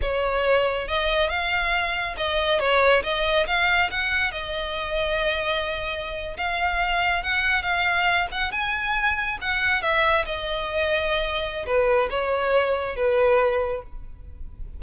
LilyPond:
\new Staff \with { instrumentName = "violin" } { \time 4/4 \tempo 4 = 139 cis''2 dis''4 f''4~ | f''4 dis''4 cis''4 dis''4 | f''4 fis''4 dis''2~ | dis''2~ dis''8. f''4~ f''16~ |
f''8. fis''4 f''4. fis''8 gis''16~ | gis''4.~ gis''16 fis''4 e''4 dis''16~ | dis''2. b'4 | cis''2 b'2 | }